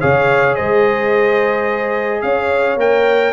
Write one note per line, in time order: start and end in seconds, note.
0.00 0.58 C#3
0.00 2.78 G#4
0.00 0.56 C#5
0.00 0.55 F5
0.55 2.22 G#3
0.55 2.22 C5
0.55 2.21 D#5
2.21 2.77 C#4
2.21 3.32 C#5
2.21 2.77 F5
2.77 3.32 A#3
2.77 3.32 A#4
2.77 3.32 G5